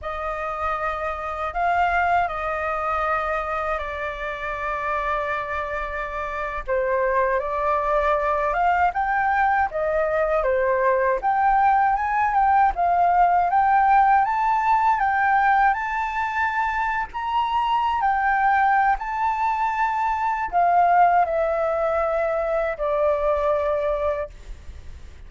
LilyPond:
\new Staff \with { instrumentName = "flute" } { \time 4/4 \tempo 4 = 79 dis''2 f''4 dis''4~ | dis''4 d''2.~ | d''8. c''4 d''4. f''8 g''16~ | g''8. dis''4 c''4 g''4 gis''16~ |
gis''16 g''8 f''4 g''4 a''4 g''16~ | g''8. a''4.~ a''16 ais''4~ ais''16 g''16~ | g''4 a''2 f''4 | e''2 d''2 | }